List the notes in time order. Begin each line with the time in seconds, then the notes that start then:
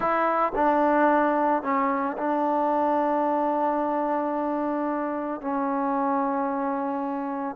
0.00 E4
0.55 D4
1.62 C#4
2.17 D4
5.41 C#4